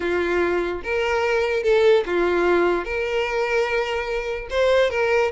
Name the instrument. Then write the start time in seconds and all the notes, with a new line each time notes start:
violin
0.00 F4
0.83 A#4
1.63 A4
2.06 F4
2.84 A#4
4.50 C5
4.90 A#4